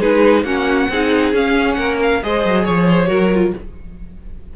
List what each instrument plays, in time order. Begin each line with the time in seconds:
0.00 cello G#3, viola D#4, violin G#4 B4
0.44 cello A#3, viola C#4, violin F#4 F#5
0.89 cello C4, viola D#4, violin G#4
1.33 cello C#4, viola C#4, violin F5
1.74 cello A#3, violin A#4 F#5
2.03 violin F5
2.23 cello G#3, viola G#4, violin C5 D#5
2.45 cello F#3
2.64 cello F3, violin C#5
2.88 violin C5
3.08 cello F#3, viola F#4, violin A#4
3.34 viola F4